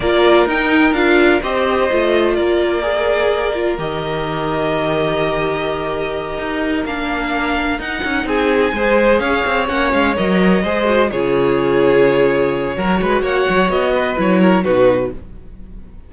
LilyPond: <<
  \new Staff \with { instrumentName = "violin" } { \time 4/4 \tempo 4 = 127 d''4 g''4 f''4 dis''4~ | dis''4 d''2. | dis''1~ | dis''2~ dis''8 f''4.~ |
f''8 fis''4 gis''2 f''8~ | f''8 fis''8 f''8 dis''2 cis''8~ | cis''1 | fis''4 dis''4 cis''4 b'4 | }
  \new Staff \with { instrumentName = "violin" } { \time 4/4 ais'2. c''4~ | c''4 ais'2.~ | ais'1~ | ais'1~ |
ais'4. gis'4 c''4 cis''8~ | cis''2~ cis''8 c''4 gis'8~ | gis'2. ais'8 b'8 | cis''4. b'4 ais'8 fis'4 | }
  \new Staff \with { instrumentName = "viola" } { \time 4/4 f'4 dis'4 f'4 g'4 | f'2 gis'4. f'8 | g'1~ | g'2~ g'8 d'4.~ |
d'8 dis'2 gis'4.~ | gis'8 cis'4 ais'4 gis'8 fis'8 f'8~ | f'2. fis'4~ | fis'2 e'4 dis'4 | }
  \new Staff \with { instrumentName = "cello" } { \time 4/4 ais4 dis'4 d'4 c'4 | a4 ais2. | dis1~ | dis4. dis'4 ais4.~ |
ais8 dis'8 cis'8 c'4 gis4 cis'8 | c'8 ais8 gis8 fis4 gis4 cis8~ | cis2. fis8 gis8 | ais8 fis8 b4 fis4 b,4 | }
>>